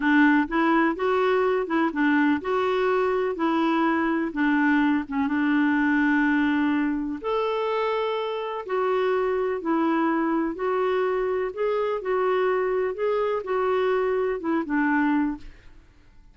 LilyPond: \new Staff \with { instrumentName = "clarinet" } { \time 4/4 \tempo 4 = 125 d'4 e'4 fis'4. e'8 | d'4 fis'2 e'4~ | e'4 d'4. cis'8 d'4~ | d'2. a'4~ |
a'2 fis'2 | e'2 fis'2 | gis'4 fis'2 gis'4 | fis'2 e'8 d'4. | }